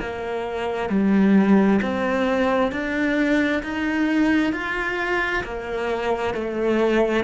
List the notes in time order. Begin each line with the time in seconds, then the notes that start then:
0.00 A#3
0.90 G3
1.82 C4
2.72 D4
3.63 D#4
4.53 F4
5.44 A#3
6.34 A3